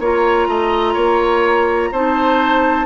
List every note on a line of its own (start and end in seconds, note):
0.00 0.48 A#3
0.00 1.93 F4
0.00 0.48 C#5
0.00 1.93 A#5
0.48 0.95 A3
0.48 0.94 D#5
0.94 1.91 A#3
0.94 1.89 C#5
1.92 2.87 C4
1.92 2.87 D#4
1.92 2.87 C5
1.92 2.87 A5